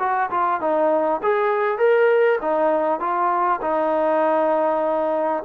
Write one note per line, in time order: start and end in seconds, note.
0.00 0.30 F#4
0.31 0.61 F4
0.61 1.21 D#4
1.23 1.79 G#4
1.79 2.39 A#4
2.42 3.00 D#4
3.00 3.61 F4
3.62 5.44 D#4